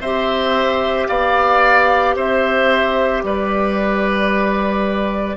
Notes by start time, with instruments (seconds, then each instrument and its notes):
0.00 bassoon C4, clarinet G4, oboe C5, flute E5
1.08 bassoon B3, oboe D5, flute F5
2.16 bassoon C4, oboe C5, flute E5
3.23 bassoon G3, oboe B4, flute D5